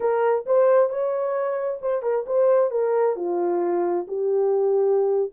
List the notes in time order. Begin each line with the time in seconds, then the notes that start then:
0.00 A#4
0.46 C5
0.89 C#5
1.81 C5
2.02 A#4
2.26 C5
2.70 A#4
3.16 F4
4.07 G4